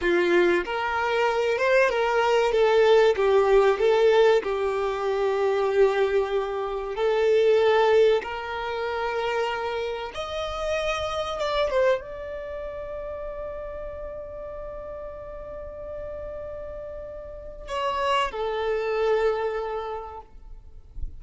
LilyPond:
\new Staff \with { instrumentName = "violin" } { \time 4/4 \tempo 4 = 95 f'4 ais'4. c''8 ais'4 | a'4 g'4 a'4 g'4~ | g'2. a'4~ | a'4 ais'2. |
dis''2 d''8 c''8 d''4~ | d''1~ | d''1 | cis''4 a'2. | }